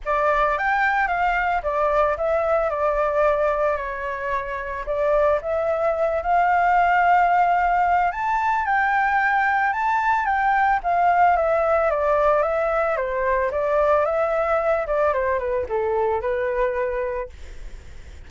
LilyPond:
\new Staff \with { instrumentName = "flute" } { \time 4/4 \tempo 4 = 111 d''4 g''4 f''4 d''4 | e''4 d''2 cis''4~ | cis''4 d''4 e''4. f''8~ | f''2. a''4 |
g''2 a''4 g''4 | f''4 e''4 d''4 e''4 | c''4 d''4 e''4. d''8 | c''8 b'8 a'4 b'2 | }